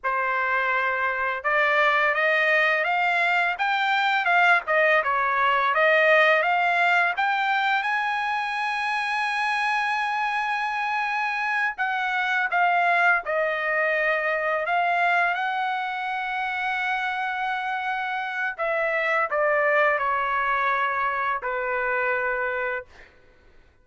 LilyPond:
\new Staff \with { instrumentName = "trumpet" } { \time 4/4 \tempo 4 = 84 c''2 d''4 dis''4 | f''4 g''4 f''8 dis''8 cis''4 | dis''4 f''4 g''4 gis''4~ | gis''1~ |
gis''8 fis''4 f''4 dis''4.~ | dis''8 f''4 fis''2~ fis''8~ | fis''2 e''4 d''4 | cis''2 b'2 | }